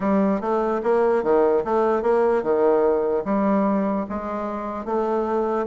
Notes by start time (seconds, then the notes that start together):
0.00 G3
0.40 A3
0.83 A#3
1.23 D#3
1.64 A3
2.02 A#3
2.42 D#3
3.25 G3
4.09 G#3
4.85 A3